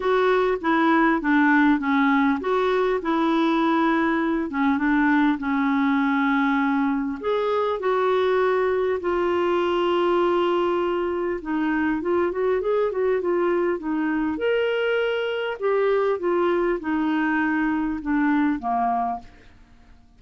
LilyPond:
\new Staff \with { instrumentName = "clarinet" } { \time 4/4 \tempo 4 = 100 fis'4 e'4 d'4 cis'4 | fis'4 e'2~ e'8 cis'8 | d'4 cis'2. | gis'4 fis'2 f'4~ |
f'2. dis'4 | f'8 fis'8 gis'8 fis'8 f'4 dis'4 | ais'2 g'4 f'4 | dis'2 d'4 ais4 | }